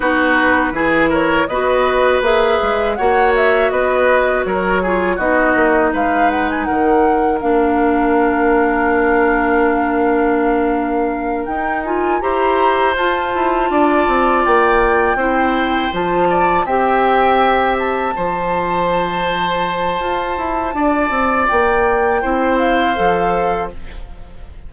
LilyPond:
<<
  \new Staff \with { instrumentName = "flute" } { \time 4/4 \tempo 4 = 81 b'4. cis''8 dis''4 e''4 | fis''8 e''8 dis''4 cis''4 dis''4 | f''8 fis''16 gis''16 fis''4 f''2~ | f''2.~ f''8 g''8 |
gis''8 ais''4 a''2 g''8~ | g''4. a''4 g''4. | a''1~ | a''4 g''4. f''4. | }
  \new Staff \with { instrumentName = "oboe" } { \time 4/4 fis'4 gis'8 ais'8 b'2 | cis''4 b'4 ais'8 gis'8 fis'4 | b'4 ais'2.~ | ais'1~ |
ais'8 c''2 d''4.~ | d''8 c''4. d''8 e''4.~ | e''8 c''2.~ c''8 | d''2 c''2 | }
  \new Staff \with { instrumentName = "clarinet" } { \time 4/4 dis'4 e'4 fis'4 gis'4 | fis'2~ fis'8 f'8 dis'4~ | dis'2 d'2~ | d'2.~ d'8 dis'8 |
f'8 g'4 f'2~ f'8~ | f'8 e'4 f'4 g'4.~ | g'8 f'2.~ f'8~ | f'2 e'4 a'4 | }
  \new Staff \with { instrumentName = "bassoon" } { \time 4/4 b4 e4 b4 ais8 gis8 | ais4 b4 fis4 b8 ais8 | gis4 dis4 ais2~ | ais2.~ ais8 dis'8~ |
dis'8 e'4 f'8 e'8 d'8 c'8 ais8~ | ais8 c'4 f4 c'4.~ | c'8 f2~ f8 f'8 e'8 | d'8 c'8 ais4 c'4 f4 | }
>>